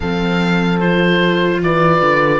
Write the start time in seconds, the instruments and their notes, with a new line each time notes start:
0.00 cello F3, viola C4, horn A4, oboe F5
0.80 viola F4, oboe C5
1.62 cello E3, horn B4, oboe D5
2.01 cello D3